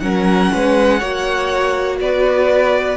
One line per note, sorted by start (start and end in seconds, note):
0.00 0.51 F#3
0.00 1.00 C#4
0.00 0.53 A#4
0.00 1.97 F#5
0.54 1.02 G#3
0.54 0.99 B4
0.99 2.01 A#3
0.99 2.97 F#4
0.99 1.98 C#5
2.00 2.97 B3
2.00 2.97 B4
2.00 2.97 D5